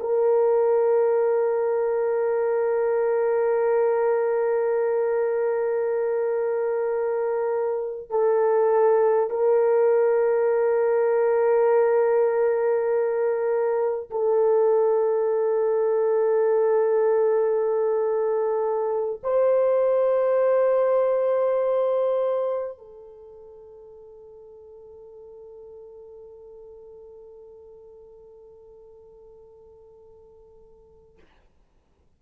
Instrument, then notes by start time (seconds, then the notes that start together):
horn
0.00 A#4
8.10 A4
9.30 A#4
14.10 A4
19.23 C5
22.78 A4